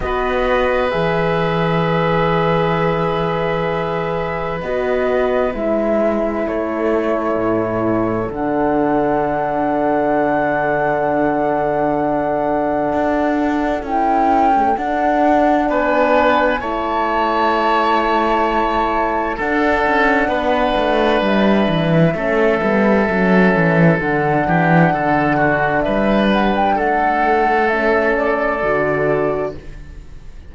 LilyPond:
<<
  \new Staff \with { instrumentName = "flute" } { \time 4/4 \tempo 4 = 65 dis''4 e''2.~ | e''4 dis''4 e''4 cis''4~ | cis''4 fis''2.~ | fis''2. g''4 |
fis''4 gis''4 a''2~ | a''4 fis''2 e''4~ | e''2 fis''2 | e''8 fis''16 g''16 fis''4 e''8 d''4. | }
  \new Staff \with { instrumentName = "oboe" } { \time 4/4 b'1~ | b'2. a'4~ | a'1~ | a'1~ |
a'4 b'4 cis''2~ | cis''4 a'4 b'2 | a'2~ a'8 g'8 a'8 fis'8 | b'4 a'2. | }
  \new Staff \with { instrumentName = "horn" } { \time 4/4 fis'4 gis'2.~ | gis'4 fis'4 e'2~ | e'4 d'2.~ | d'2. e'8. a16 |
d'2 e'2~ | e'4 d'2. | cis'8 b8 cis'4 d'2~ | d'2 cis'4 fis'4 | }
  \new Staff \with { instrumentName = "cello" } { \time 4/4 b4 e2.~ | e4 b4 gis4 a4 | a,4 d2.~ | d2 d'4 cis'4 |
d'4 b4 a2~ | a4 d'8 cis'8 b8 a8 g8 e8 | a8 g8 fis8 e8 d8 e8 d4 | g4 a2 d4 | }
>>